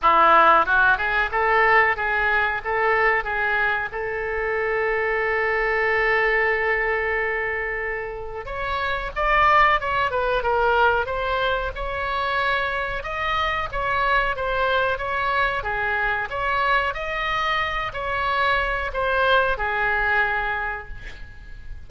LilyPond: \new Staff \with { instrumentName = "oboe" } { \time 4/4 \tempo 4 = 92 e'4 fis'8 gis'8 a'4 gis'4 | a'4 gis'4 a'2~ | a'1~ | a'4 cis''4 d''4 cis''8 b'8 |
ais'4 c''4 cis''2 | dis''4 cis''4 c''4 cis''4 | gis'4 cis''4 dis''4. cis''8~ | cis''4 c''4 gis'2 | }